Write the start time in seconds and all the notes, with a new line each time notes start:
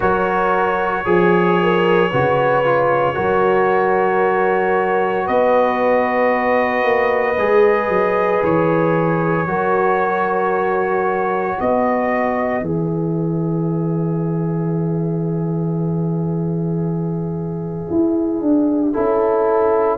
0.00 F#3 F#4 A#4 C#5
1.05 F3 G#4
1.62 A#4
2.10 C#3 F#4 B4
2.64 F4
3.14 F#3 F#4 A#4
5.25 B3 B4 D#5
6.83 A#3
7.37 G#3 G#4
7.88 F#3
8.43 E3 C#5
9.46 F#3 F#4 A#4
11.57 B3 B4 D#5
12.61 E3 G#4 E5
17.90 E4
18.41 D4
18.92 C#4 E4 A4